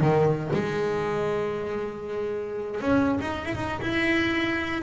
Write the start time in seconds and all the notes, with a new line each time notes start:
0.00 D#3
0.53 G#3
2.80 C#4
3.21 D#4
3.45 E4
3.55 D#4
3.81 E4